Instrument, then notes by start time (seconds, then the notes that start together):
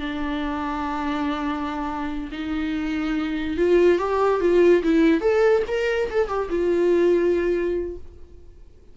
viola
0.00 D4
2.32 D#4
3.58 F4
3.99 G4
4.41 F4
4.83 E4
5.21 A4
5.68 A#4
6.11 A4
6.28 G4
6.50 F4